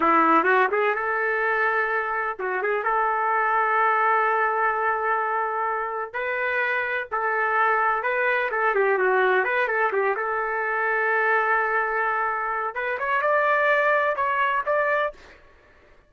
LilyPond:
\new Staff \with { instrumentName = "trumpet" } { \time 4/4 \tempo 4 = 127 e'4 fis'8 gis'8 a'2~ | a'4 fis'8 gis'8 a'2~ | a'1~ | a'4 b'2 a'4~ |
a'4 b'4 a'8 g'8 fis'4 | b'8 a'8 g'8 a'2~ a'8~ | a'2. b'8 cis''8 | d''2 cis''4 d''4 | }